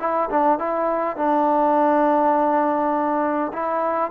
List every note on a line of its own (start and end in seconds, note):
0.00 0.29 E4
0.30 0.59 D4
0.59 1.17 E4
1.17 3.52 D4
3.53 4.11 E4